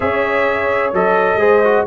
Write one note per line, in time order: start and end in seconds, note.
0.00 0.92 C#4
0.00 0.93 G#4
0.00 1.38 C#5
0.00 0.93 E5
0.92 1.36 F#3
0.92 1.39 A4
0.92 1.86 D#5
1.36 1.82 G#3
1.36 1.62 G#4
1.36 1.85 C5
1.64 1.86 F#4